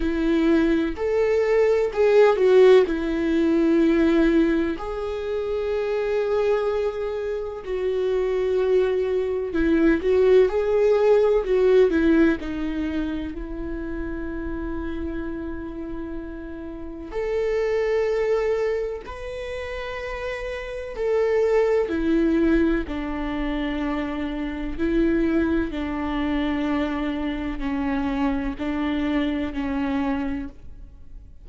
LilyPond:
\new Staff \with { instrumentName = "viola" } { \time 4/4 \tempo 4 = 63 e'4 a'4 gis'8 fis'8 e'4~ | e'4 gis'2. | fis'2 e'8 fis'8 gis'4 | fis'8 e'8 dis'4 e'2~ |
e'2 a'2 | b'2 a'4 e'4 | d'2 e'4 d'4~ | d'4 cis'4 d'4 cis'4 | }